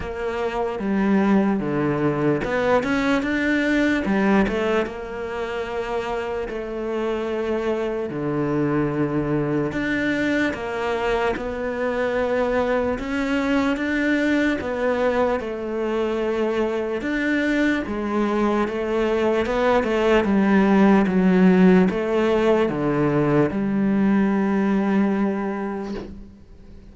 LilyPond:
\new Staff \with { instrumentName = "cello" } { \time 4/4 \tempo 4 = 74 ais4 g4 d4 b8 cis'8 | d'4 g8 a8 ais2 | a2 d2 | d'4 ais4 b2 |
cis'4 d'4 b4 a4~ | a4 d'4 gis4 a4 | b8 a8 g4 fis4 a4 | d4 g2. | }